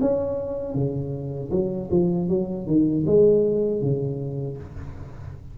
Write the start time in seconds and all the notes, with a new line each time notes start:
0.00 C#4
0.74 C#3
1.51 F#3
1.90 F3
2.28 F#3
2.66 D#3
3.06 G#3
3.81 C#3